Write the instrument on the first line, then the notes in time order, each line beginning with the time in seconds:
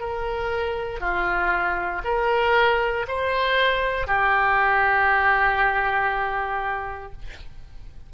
oboe
0.00 A#4
1.01 F4
2.05 A#4
3.08 C5
4.08 G4